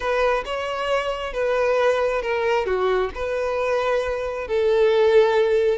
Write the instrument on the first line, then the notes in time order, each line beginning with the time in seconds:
violin
0.00 B4
0.45 C#5
1.33 B4
2.22 A#4
2.66 F#4
3.14 B4
4.47 A4